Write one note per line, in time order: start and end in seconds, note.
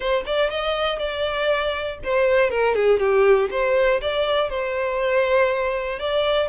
0.00 0.24 C5
0.26 0.50 D5
0.50 0.98 D#5
0.98 1.98 D5
2.04 2.50 C5
2.50 2.75 A#4
2.75 2.99 G#4
2.99 3.49 G4
3.50 4.00 C5
4.01 4.49 D5
4.49 5.99 C5
5.99 6.48 D5